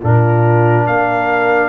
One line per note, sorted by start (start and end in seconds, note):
0.00 0.86 A#2
0.00 1.69 D4
0.00 0.86 F4
0.00 0.87 A#4
0.86 1.69 A#3
0.86 1.69 A#4
0.86 1.69 F5